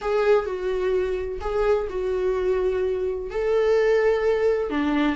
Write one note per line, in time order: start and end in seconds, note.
0.01 0.45 G#4
0.45 1.39 F#4
1.40 1.87 G#4
1.89 3.30 F#4
3.30 4.70 A4
4.70 5.15 D4